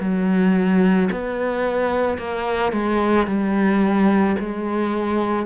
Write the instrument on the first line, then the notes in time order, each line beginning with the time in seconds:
cello
0.00 F#3
1.12 B3
2.18 A#3
2.72 G#3
3.27 G3
4.39 G#3